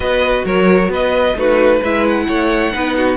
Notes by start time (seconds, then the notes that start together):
0.00 B3 F#4 B4 D#5
0.45 F#3 A#4 C#5
0.88 B3 B4 D#5
1.35 A3 D#4 F#4 B4
1.79 G#3 E4 B4 E5
2.08 F#5
2.27 A3 C#5
2.72 B3 D#4 B4
2.96 F#4